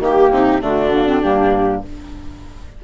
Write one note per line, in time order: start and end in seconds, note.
0.00 0.30 D#3
0.00 0.61 A#3
0.00 0.63 G4
0.00 0.33 G4
0.31 0.61 C3
0.31 0.62 D#4
0.61 1.22 D3
0.61 0.91 A3
0.61 1.83 D4
0.61 1.22 F#4
0.94 1.07 A#3
1.07 1.22 C4
1.22 1.84 G2
1.22 1.83 A#3
1.22 1.83 G4